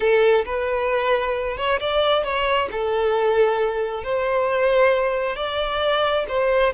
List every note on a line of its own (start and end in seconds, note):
0.00 0.44 A4
0.45 1.57 B4
1.57 1.79 C#5
1.80 2.23 D5
2.23 2.68 C#5
2.71 4.03 A4
4.03 5.36 C5
5.36 6.25 D5
6.28 6.73 C5